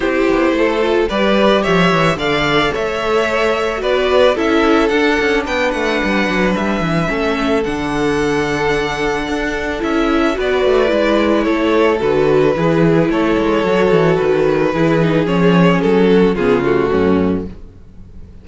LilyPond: <<
  \new Staff \with { instrumentName = "violin" } { \time 4/4 \tempo 4 = 110 c''2 d''4 e''4 | f''4 e''2 d''4 | e''4 fis''4 g''8 fis''4. | e''2 fis''2~ |
fis''2 e''4 d''4~ | d''4 cis''4 b'2 | cis''2 b'2 | cis''4 a'4 gis'8 fis'4. | }
  \new Staff \with { instrumentName = "violin" } { \time 4/4 g'4 a'4 b'4 cis''4 | d''4 cis''2 b'4 | a'2 b'2~ | b'4 a'2.~ |
a'2. b'4~ | b'4 a'2 gis'4 | a'2. gis'4~ | gis'4. fis'8 f'4 cis'4 | }
  \new Staff \with { instrumentName = "viola" } { \time 4/4 e'4. f'8 g'2 | a'2. fis'4 | e'4 d'2.~ | d'4 cis'4 d'2~ |
d'2 e'4 fis'4 | e'2 fis'4 e'4~ | e'4 fis'2 e'8 dis'8 | cis'2 b8 a4. | }
  \new Staff \with { instrumentName = "cello" } { \time 4/4 c'8 b8 a4 g4 f8 e8 | d4 a2 b4 | cis'4 d'8 cis'8 b8 a8 g8 fis8 | g8 e8 a4 d2~ |
d4 d'4 cis'4 b8 a8 | gis4 a4 d4 e4 | a8 gis8 fis8 e8 dis4 e4 | f4 fis4 cis4 fis,4 | }
>>